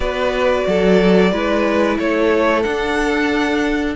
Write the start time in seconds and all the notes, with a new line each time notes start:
0.00 B3 F#4 B4 D5
0.67 F#3 A4
1.31 G#3 E4 B4
1.98 A3 A4 C#5
2.62 D4 F#5